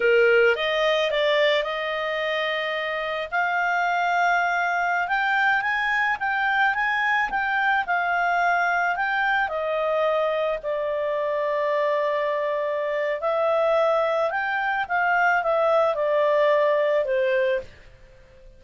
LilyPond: \new Staff \with { instrumentName = "clarinet" } { \time 4/4 \tempo 4 = 109 ais'4 dis''4 d''4 dis''4~ | dis''2 f''2~ | f''4~ f''16 g''4 gis''4 g''8.~ | g''16 gis''4 g''4 f''4.~ f''16~ |
f''16 g''4 dis''2 d''8.~ | d''1 | e''2 g''4 f''4 | e''4 d''2 c''4 | }